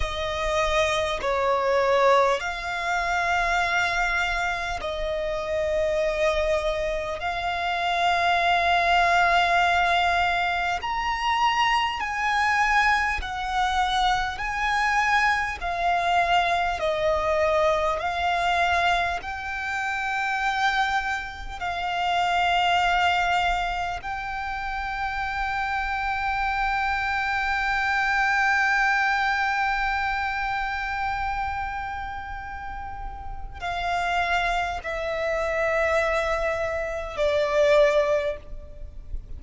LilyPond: \new Staff \with { instrumentName = "violin" } { \time 4/4 \tempo 4 = 50 dis''4 cis''4 f''2 | dis''2 f''2~ | f''4 ais''4 gis''4 fis''4 | gis''4 f''4 dis''4 f''4 |
g''2 f''2 | g''1~ | g''1 | f''4 e''2 d''4 | }